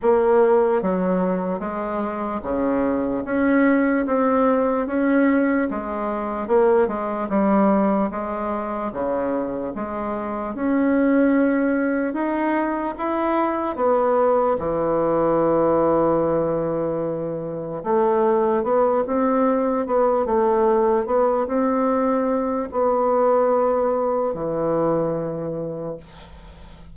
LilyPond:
\new Staff \with { instrumentName = "bassoon" } { \time 4/4 \tempo 4 = 74 ais4 fis4 gis4 cis4 | cis'4 c'4 cis'4 gis4 | ais8 gis8 g4 gis4 cis4 | gis4 cis'2 dis'4 |
e'4 b4 e2~ | e2 a4 b8 c'8~ | c'8 b8 a4 b8 c'4. | b2 e2 | }